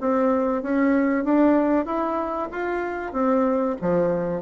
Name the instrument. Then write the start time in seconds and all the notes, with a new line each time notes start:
bassoon
0.00 C4
0.62 C#4
1.24 D4
1.85 E4
2.51 F4
3.13 C4
3.81 F3